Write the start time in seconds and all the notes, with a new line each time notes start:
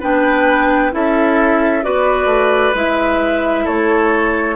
0.00 B3 D4 B4 G5
0.91 C#4 E4 A4 E5
1.82 B3 F#4 B4 D5
2.25 A3
2.74 G#3 E4 E5
3.64 A3 A4 C#5